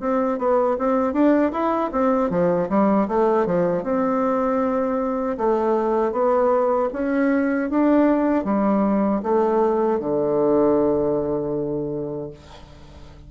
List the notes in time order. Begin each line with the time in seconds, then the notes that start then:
0.00 C4
0.38 B3
0.78 C4
1.13 D4
1.52 E4
1.92 C4
2.30 F3
2.69 G3
3.08 A3
3.46 F3
3.84 C4
5.38 A3
6.12 B3
6.93 C#4
7.70 D4
8.45 G3
9.23 A3
10.00 D3